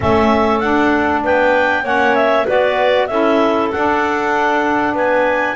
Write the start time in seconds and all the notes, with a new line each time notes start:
0.00 A3 C#4 A4 E5
0.59 D4 F#5
1.23 B3 B4 G5
1.83 A#3 C#4 C#5 F#5
2.15 E5
2.45 B3 F#4 B4 D5
3.06 C#4 E4 A4 E5
3.71 D4 F#5
4.94 B3 B4 G#5